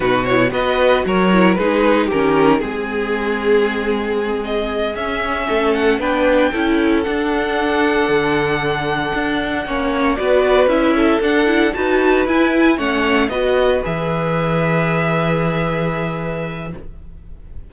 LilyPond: <<
  \new Staff \with { instrumentName = "violin" } { \time 4/4 \tempo 4 = 115 b'8 cis''8 dis''4 cis''4 b'4 | ais'4 gis'2.~ | gis'8 dis''4 e''4. fis''8 g''8~ | g''4. fis''2~ fis''8~ |
fis''2.~ fis''8 d''8~ | d''8 e''4 fis''4 a''4 gis''8~ | gis''8 fis''4 dis''4 e''4.~ | e''1 | }
  \new Staff \with { instrumentName = "violin" } { \time 4/4 fis'4 b'4 ais'4 gis'4 | g'4 gis'2.~ | gis'2~ gis'8 a'4 b'8~ | b'8 a'2.~ a'8~ |
a'2~ a'8 cis''4 b'8~ | b'4 a'4. b'4.~ | b'8 cis''4 b'2~ b'8~ | b'1 | }
  \new Staff \with { instrumentName = "viola" } { \time 4/4 dis'8 e'8 fis'4. e'8 dis'4 | cis'4 c'2.~ | c'4. cis'2 d'8~ | d'8 e'4 d'2~ d'8~ |
d'2~ d'8 cis'4 fis'8~ | fis'8 e'4 d'8 e'8 fis'4 e'8~ | e'8 cis'4 fis'4 gis'4.~ | gis'1 | }
  \new Staff \with { instrumentName = "cello" } { \time 4/4 b,4 b4 fis4 gis4 | dis4 gis2.~ | gis4. cis'4 a4 b8~ | b8 cis'4 d'2 d8~ |
d4. d'4 ais4 b8~ | b8 cis'4 d'4 dis'4 e'8~ | e'8 a4 b4 e4.~ | e1 | }
>>